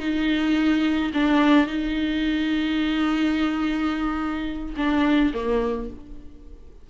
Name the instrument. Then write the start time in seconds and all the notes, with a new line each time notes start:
viola
0.00 D#4
1.14 D4
1.67 D#4
4.77 D4
5.34 A#3